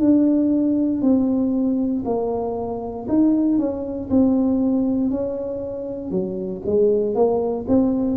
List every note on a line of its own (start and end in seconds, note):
0.00 1.02 D4
1.02 2.03 C4
2.05 3.07 A#3
3.08 3.58 D#4
3.58 4.09 C#4
4.10 5.10 C4
5.10 6.11 C#4
6.11 6.62 F#3
6.66 7.15 G#3
7.15 7.65 A#3
7.68 8.17 C4